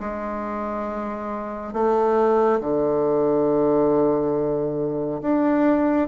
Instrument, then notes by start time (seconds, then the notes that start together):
bassoon
0.00 G#3
1.73 A3
2.60 D3
5.22 D4